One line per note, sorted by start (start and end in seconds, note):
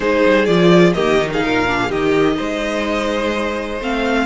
0.00 0.23 G#3
0.00 0.45 D#4
0.00 0.94 G#4
0.00 0.45 C5
0.26 0.47 G3
0.45 0.95 F3
0.45 0.95 F4
0.45 0.92 D5
0.93 1.44 D#3
0.93 1.18 A#3
0.93 1.30 G4
0.93 1.29 D#5
1.18 1.66 D#4
1.31 1.43 G#4
1.31 1.91 F5
1.43 1.90 A#2
1.43 1.79 A#4
1.67 1.90 D4
1.82 1.89 G#4
1.89 2.37 D#3
1.89 3.80 D#4
1.89 2.36 G4
1.89 3.81 D#5
2.36 3.80 G#3
2.36 4.26 C5
3.80 4.26 A3
3.80 4.26 C4
3.80 4.26 F5